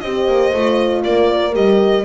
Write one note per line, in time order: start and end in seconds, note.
0.00 0.27 C4
0.00 0.54 G4
0.00 1.03 C5
0.00 1.02 D#5
0.27 0.53 A#3
0.54 1.05 A3
0.54 1.53 F4
1.03 1.56 A#3
1.03 2.04 A#4
1.03 1.54 D5
1.53 2.04 G3
1.53 2.04 G4
1.53 2.04 D#5